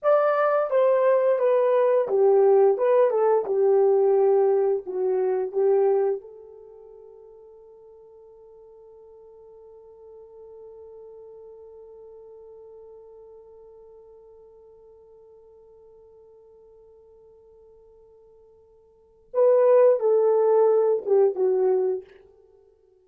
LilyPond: \new Staff \with { instrumentName = "horn" } { \time 4/4 \tempo 4 = 87 d''4 c''4 b'4 g'4 | b'8 a'8 g'2 fis'4 | g'4 a'2.~ | a'1~ |
a'1~ | a'1~ | a'1 | b'4 a'4. g'8 fis'4 | }